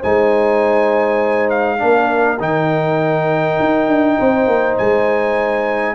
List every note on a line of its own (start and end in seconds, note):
0.00 1.83 G#3
0.00 1.78 D#4
0.00 1.78 C5
0.00 1.50 G#5
1.50 2.39 F5
1.78 2.40 A#3
1.78 2.38 D4
1.78 4.18 A#4
2.40 3.59 D#3
2.40 5.96 D#4
2.40 4.78 G5
3.60 3.88 D#4
3.88 4.18 D4
4.18 4.47 C4
4.18 5.96 C5
4.47 4.77 A#3
4.78 5.96 G#3
4.78 5.96 G#5